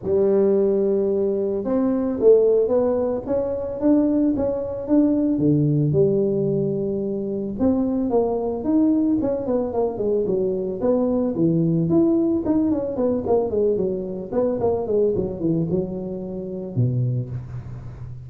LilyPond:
\new Staff \with { instrumentName = "tuba" } { \time 4/4 \tempo 4 = 111 g2. c'4 | a4 b4 cis'4 d'4 | cis'4 d'4 d4 g4~ | g2 c'4 ais4 |
dis'4 cis'8 b8 ais8 gis8 fis4 | b4 e4 e'4 dis'8 cis'8 | b8 ais8 gis8 fis4 b8 ais8 gis8 | fis8 e8 fis2 b,4 | }